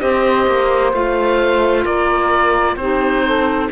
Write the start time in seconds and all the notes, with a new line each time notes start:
0.00 C4 G4 C5 D#5
0.47 A#3
0.93 A3 F4 F5
1.84 A#3 A#4 D5
2.77 C4 D#4 G4 C5
3.25 A4